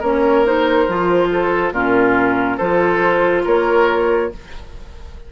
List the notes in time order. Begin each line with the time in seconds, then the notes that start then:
0.00 A#3 C#4 A#4 C#5
0.46 D#4 C5
0.88 F3 F4
1.32 A4
1.72 A#2 C#4 F4 A#4
2.57 F3 F4 A4 C5
3.45 A#3 A#4 C#5